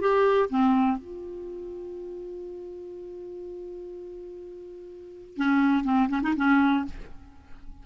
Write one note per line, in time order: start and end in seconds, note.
0.00 0.49 G4
0.49 0.98 C4
0.98 5.37 F4
5.37 5.84 C#4
5.84 6.08 C4
6.08 6.21 C#4
6.22 6.34 D#4
6.36 6.85 C#4